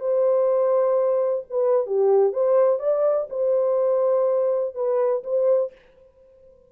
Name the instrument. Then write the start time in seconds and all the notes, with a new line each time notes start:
horn
0.00 C5
1.50 B4
1.87 G4
2.33 C5
2.79 D5
3.30 C5
4.75 B4
5.24 C5